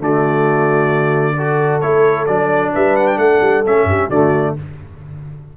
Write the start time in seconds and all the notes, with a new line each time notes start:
0.00 D3 A3 F#4 D5
1.36 F#4 A4
1.81 A3 E4 C#5
2.26 F#3 D4 D5
2.74 G3 B4 E5
2.97 F#5
3.08 G5
3.18 A3 A4 F#5
3.41 G3
3.66 A3 C#4 E5
3.84 G2 G4
4.09 D3 A3 F#4 D5